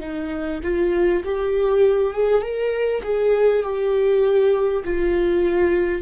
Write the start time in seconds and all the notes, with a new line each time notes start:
0.00 D#4
0.63 F4
1.24 G4
2.13 G#4
2.42 A#4
3.03 G#4
3.63 G4
4.84 F4